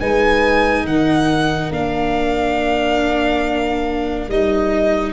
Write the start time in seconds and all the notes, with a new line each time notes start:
0.00 G#3 D#4 B4 G#5
0.84 D#3 A#4 F#5
1.71 A#3 D4 F5
4.28 G3 D#4 D#5